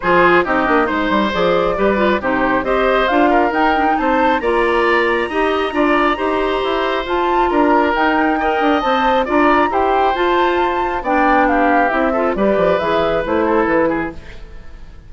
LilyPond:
<<
  \new Staff \with { instrumentName = "flute" } { \time 4/4 \tempo 4 = 136 c''4 dis''4 c''4 d''4~ | d''4 c''4 dis''4 f''4 | g''4 a''4 ais''2~ | ais''1 |
a''4 ais''4 g''2 | a''4 ais''4 g''4 a''4~ | a''4 g''4 f''4 e''4 | d''4 e''4 c''4 b'4 | }
  \new Staff \with { instrumentName = "oboe" } { \time 4/4 gis'4 g'4 c''2 | b'4 g'4 c''4. ais'8~ | ais'4 c''4 d''2 | dis''4 d''4 c''2~ |
c''4 ais'2 dis''4~ | dis''4 d''4 c''2~ | c''4 d''4 g'4. a'8 | b'2~ b'8 a'4 gis'8 | }
  \new Staff \with { instrumentName = "clarinet" } { \time 4/4 f'4 dis'8 d'8 dis'4 gis'4 | g'8 f'8 dis'4 g'4 f'4 | dis'8 d'16 dis'4~ dis'16 f'2 | g'4 f'4 g'2 |
f'2 dis'4 ais'4 | c''4 f'4 g'4 f'4~ | f'4 d'2 e'8 f'8 | g'4 gis'4 e'2 | }
  \new Staff \with { instrumentName = "bassoon" } { \time 4/4 f4 c'8 ais8 gis8 g8 f4 | g4 c4 c'4 d'4 | dis'4 c'4 ais2 | dis'4 d'4 dis'4 e'4 |
f'4 d'4 dis'4. d'8 | c'4 d'4 e'4 f'4~ | f'4 b2 c'4 | g8 f8 e4 a4 e4 | }
>>